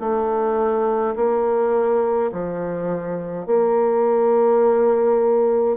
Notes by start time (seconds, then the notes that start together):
0.00 A3
1.15 A#3
2.32 F3
3.46 A#3